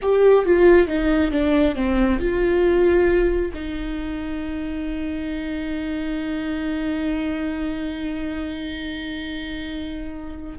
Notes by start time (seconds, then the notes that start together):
0.02 G4
0.45 F4
0.87 D#4
1.31 D4
1.75 C4
2.19 F4
3.53 D#4